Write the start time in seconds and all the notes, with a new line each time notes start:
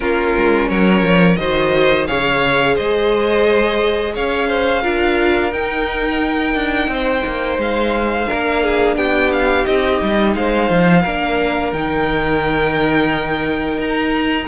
0.00 A#3 C#4 F4 A#4
0.36 G#3
0.69 F#3 A#4 C#5
1.01 F3
1.36 D#3 F#4 C5 D#5
2.07 C#3 G#4 C#5 F5
2.74 G#3 C5 D#5
4.14 C#4 C#5 F5
4.47 C5
4.81 D4 F4 A#4
5.52 D#4 G5
6.54 D4
6.88 C4 C5
7.25 A#3
7.57 G#3 F5
8.26 A#3 D4 A#4
8.63 G#4
8.96 B3 G4 G5
9.31 F5
9.63 C4 D#4 D#5
10.01 G3
10.35 G#3 C5 F5
10.69 F3
11.01 A#3 D4 A#4
11.72 D#3 D#4 G5
13.77 D#4 A#5